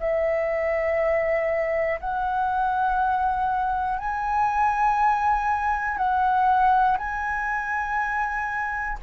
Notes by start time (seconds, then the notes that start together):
0.00 E5
2.00 F#5
3.99 G#5
5.97 F#5
6.98 G#5